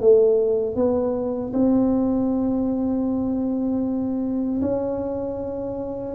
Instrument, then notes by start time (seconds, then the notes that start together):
tuba
0.00 A3
0.75 B3
1.53 C4
4.62 C#4